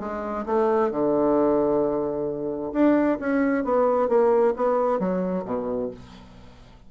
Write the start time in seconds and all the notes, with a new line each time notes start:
0.00 G#3
0.46 A3
0.91 D3
2.73 D4
3.20 C#4
3.65 B3
4.09 A#3
4.56 B3
5.00 F#3
5.45 B2